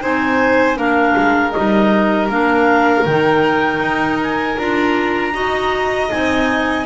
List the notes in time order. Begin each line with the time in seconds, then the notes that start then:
0.00 C4 D#4 C5 G#5
0.75 A#3 D4 A#4 F5
1.16 G#3
1.52 G3 D#4 D#5
2.29 A#3 D4 F5
3.04 D#3 D#4 G5
3.80 D#4
4.22 G#5
4.58 D4 F4 A#5
5.32 D#4 F#4 D#5
6.10 C4 D#4 G#5